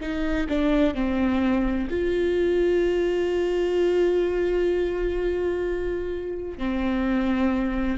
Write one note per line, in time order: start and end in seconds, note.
0.00 0.47 D#4
0.49 0.94 D4
0.94 1.88 C4
1.90 6.58 F4
6.58 7.97 C4